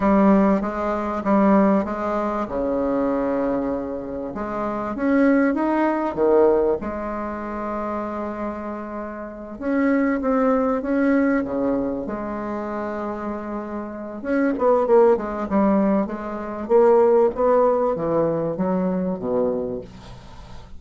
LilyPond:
\new Staff \with { instrumentName = "bassoon" } { \time 4/4 \tempo 4 = 97 g4 gis4 g4 gis4 | cis2. gis4 | cis'4 dis'4 dis4 gis4~ | gis2.~ gis8 cis'8~ |
cis'8 c'4 cis'4 cis4 gis8~ | gis2. cis'8 b8 | ais8 gis8 g4 gis4 ais4 | b4 e4 fis4 b,4 | }